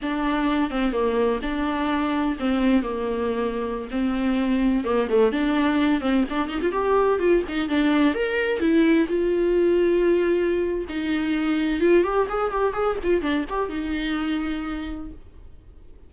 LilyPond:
\new Staff \with { instrumentName = "viola" } { \time 4/4 \tempo 4 = 127 d'4. c'8 ais4 d'4~ | d'4 c'4 ais2~ | ais16 c'2 ais8 a8 d'8.~ | d'8. c'8 d'8 dis'16 f'16 g'4 f'8 dis'16~ |
dis'16 d'4 ais'4 e'4 f'8.~ | f'2. dis'4~ | dis'4 f'8 g'8 gis'8 g'8 gis'8 f'8 | d'8 g'8 dis'2. | }